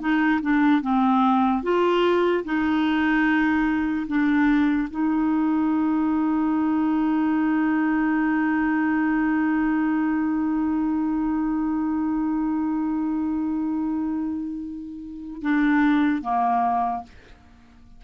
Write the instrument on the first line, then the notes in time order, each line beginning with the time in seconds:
clarinet
0.00 D#4
0.42 D4
0.82 C4
1.63 F4
2.44 D#4
4.08 D4
4.91 D#4
15.42 D4
16.22 A#3